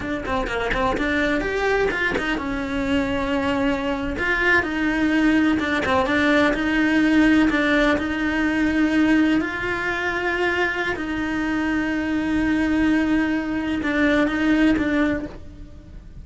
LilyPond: \new Staff \with { instrumentName = "cello" } { \time 4/4 \tempo 4 = 126 d'8 c'8 ais8 c'8 d'4 g'4 | f'8 dis'8 cis'2.~ | cis'8. f'4 dis'2 d'16~ | d'16 c'8 d'4 dis'2 d'16~ |
d'8. dis'2. f'16~ | f'2. dis'4~ | dis'1~ | dis'4 d'4 dis'4 d'4 | }